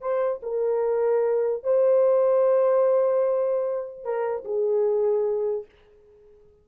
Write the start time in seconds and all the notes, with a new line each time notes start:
0.00 C5
0.42 A#4
1.63 C5
4.03 A#4
4.44 G#4